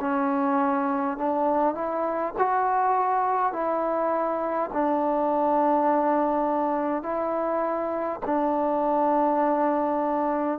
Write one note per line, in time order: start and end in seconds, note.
0.00 1.17 C#4
1.17 1.74 D4
1.74 2.33 E4
2.38 3.52 F#4
3.52 4.70 E4
4.73 7.02 D4
7.02 8.20 E4
8.26 10.58 D4